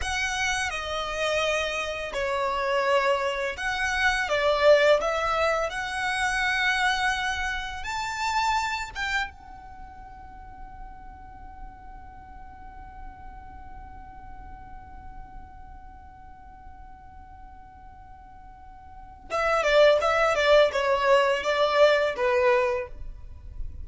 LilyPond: \new Staff \with { instrumentName = "violin" } { \time 4/4 \tempo 4 = 84 fis''4 dis''2 cis''4~ | cis''4 fis''4 d''4 e''4 | fis''2. a''4~ | a''8 g''8 fis''2.~ |
fis''1~ | fis''1~ | fis''2. e''8 d''8 | e''8 d''8 cis''4 d''4 b'4 | }